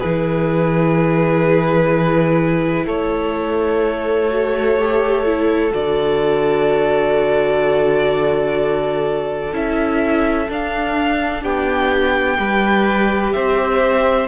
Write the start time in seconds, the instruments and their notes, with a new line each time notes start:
0.00 cello E3, viola E4, violin G#4 B4
2.86 cello A3, violin A4 C#5
4.30 viola F#4
4.79 viola G4
5.26 viola E4
5.71 cello D3, viola F#4, violin D5
9.53 cello C#4, viola E4, violin E5
10.49 viola D4, cello D4, violin F5
11.42 cello B3, violin G4 G5
12.38 cello G3, viola G4, violin B4
13.33 cello C4, violin C5 E5